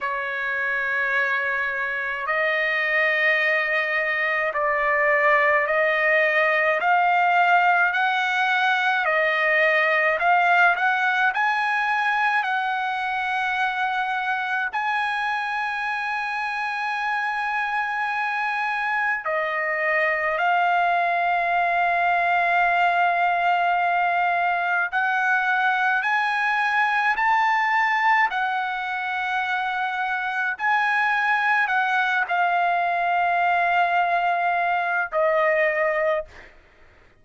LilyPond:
\new Staff \with { instrumentName = "trumpet" } { \time 4/4 \tempo 4 = 53 cis''2 dis''2 | d''4 dis''4 f''4 fis''4 | dis''4 f''8 fis''8 gis''4 fis''4~ | fis''4 gis''2.~ |
gis''4 dis''4 f''2~ | f''2 fis''4 gis''4 | a''4 fis''2 gis''4 | fis''8 f''2~ f''8 dis''4 | }